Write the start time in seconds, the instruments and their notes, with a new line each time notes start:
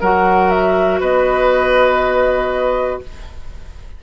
0.00 bassoon F#3, clarinet F#4, oboe A#4, flute F#5
0.50 flute E5
1.00 bassoon B3, oboe B4, flute D#5